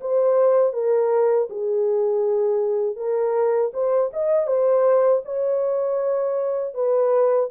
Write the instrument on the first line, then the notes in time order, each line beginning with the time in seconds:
horn
0.00 C5
0.73 A#4
1.49 G#4
2.96 A#4
3.73 C5
4.12 D#5
4.47 C5
5.24 C#5
6.74 B4